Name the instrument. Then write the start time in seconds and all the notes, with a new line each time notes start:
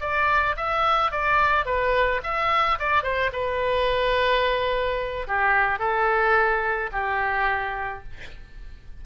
oboe
0.00 D5
0.57 E5
1.11 D5
1.65 B4
2.23 E5
2.79 D5
3.03 C5
3.32 B4
5.27 G4
5.79 A4
6.92 G4